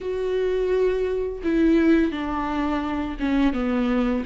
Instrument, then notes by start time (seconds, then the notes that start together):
viola
0.00 F#4
1.43 E4
2.11 D4
3.19 C#4
3.53 B3